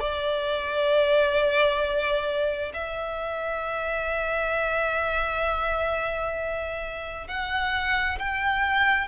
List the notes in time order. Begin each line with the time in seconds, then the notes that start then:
0.00 D5
2.74 E5
7.28 F#5
8.19 G5